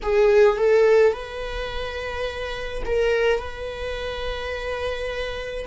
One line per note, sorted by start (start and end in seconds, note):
0.02 0.57 G#4
0.57 1.13 A4
1.13 2.83 B4
2.86 3.39 A#4
3.39 5.66 B4